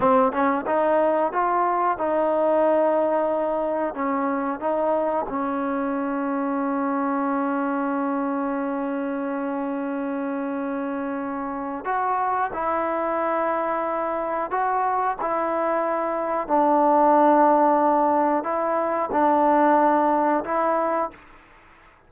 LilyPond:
\new Staff \with { instrumentName = "trombone" } { \time 4/4 \tempo 4 = 91 c'8 cis'8 dis'4 f'4 dis'4~ | dis'2 cis'4 dis'4 | cis'1~ | cis'1~ |
cis'2 fis'4 e'4~ | e'2 fis'4 e'4~ | e'4 d'2. | e'4 d'2 e'4 | }